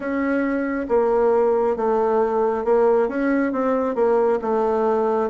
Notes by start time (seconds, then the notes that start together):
0.00 C#4
0.88 A#3
1.76 A3
2.64 A#3
3.08 C#4
3.52 C4
3.95 A#3
4.41 A3